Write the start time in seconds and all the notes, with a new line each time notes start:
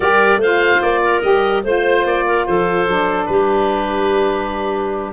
0.00 G3 G4 A#4 D5
0.36 A3 C5
0.42 F4 F5
0.82 A#3 D5
1.03 A#4
1.21 G3 G4 D#5
1.63 A3 F4 C5
2.04 A#3 D5
2.26 A#4
2.46 F3 A4 C5
2.87 F#3 D4
3.25 G3 G4 B4